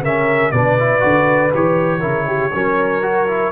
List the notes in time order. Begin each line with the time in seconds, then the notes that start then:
0.00 C#3 C#4 A#4 E5
0.51 B2 D4 B4 D5
0.79 E4
1.00 D3 F#4
1.54 E3 G4 C#5
2.00 C#3 E4 A#4
2.27 G4
2.54 F#3 C#4 A#4
3.02 F#4
3.27 E4